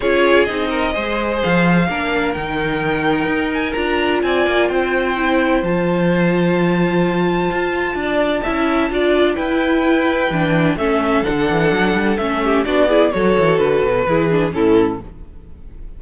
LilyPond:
<<
  \new Staff \with { instrumentName = "violin" } { \time 4/4 \tempo 4 = 128 cis''4 dis''2 f''4~ | f''4 g''2~ g''8 gis''8 | ais''4 gis''4 g''2 | a''1~ |
a''1 | g''2. e''4 | fis''2 e''4 d''4 | cis''4 b'2 a'4 | }
  \new Staff \with { instrumentName = "violin" } { \time 4/4 gis'4. ais'8 c''2 | ais'1~ | ais'4 d''4 c''2~ | c''1~ |
c''4 d''4 e''4 d''4 | b'2. a'4~ | a'2~ a'8 g'8 fis'8 gis'8 | a'2 gis'4 e'4 | }
  \new Staff \with { instrumentName = "viola" } { \time 4/4 f'4 dis'4 gis'2 | d'4 dis'2. | f'2. e'4 | f'1~ |
f'2 e'4 f'4 | e'2 d'4 cis'4 | d'2 cis'4 d'8 e'8 | fis'2 e'8 d'8 cis'4 | }
  \new Staff \with { instrumentName = "cello" } { \time 4/4 cis'4 c'4 gis4 f4 | ais4 dis2 dis'4 | d'4 c'8 ais8 c'2 | f1 |
f'4 d'4 cis'4 d'4 | e'2 e4 a4 | d8 e8 fis8 g8 a4 b4 | fis8 e8 d8 b,8 e4 a,4 | }
>>